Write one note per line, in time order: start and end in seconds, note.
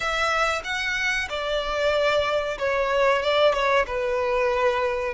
0.00 0.62 E5
0.64 1.28 F#5
1.29 2.58 D5
2.58 3.22 C#5
3.22 3.53 D5
3.53 3.85 C#5
3.87 5.13 B4